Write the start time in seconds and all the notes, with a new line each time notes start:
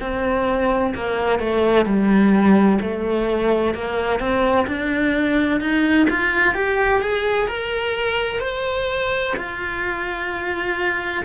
0.00 C4
0.95 A#3
1.39 A3
1.85 G3
2.80 A3
3.74 A#3
4.19 C4
4.67 D4
5.60 D#4
6.10 F4
6.55 G4
7.01 G#4
7.47 A#4
8.40 C5
9.36 F4